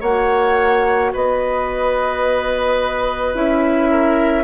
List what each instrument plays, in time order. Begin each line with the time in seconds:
0.00 bassoon A#3, clarinet F#4, oboe C#5, flute F#5
1.13 bassoon B3, oboe B4, flute D#5
3.34 bassoon C#4, clarinet E4, flute E5
3.90 oboe A#4